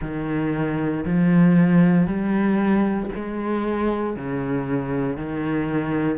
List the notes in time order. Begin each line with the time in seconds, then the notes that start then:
0.01 D#3
1.05 F3
2.06 G3
3.15 G#3
4.16 C#3
5.17 D#3